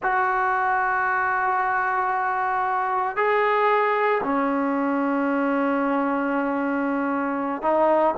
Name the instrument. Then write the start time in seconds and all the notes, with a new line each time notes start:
trombone
0.02 F#4
3.16 G#4
4.23 C#4
7.62 D#4